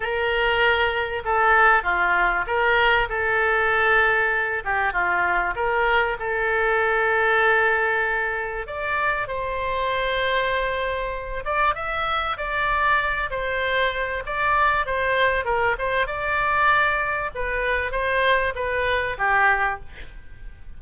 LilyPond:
\new Staff \with { instrumentName = "oboe" } { \time 4/4 \tempo 4 = 97 ais'2 a'4 f'4 | ais'4 a'2~ a'8 g'8 | f'4 ais'4 a'2~ | a'2 d''4 c''4~ |
c''2~ c''8 d''8 e''4 | d''4. c''4. d''4 | c''4 ais'8 c''8 d''2 | b'4 c''4 b'4 g'4 | }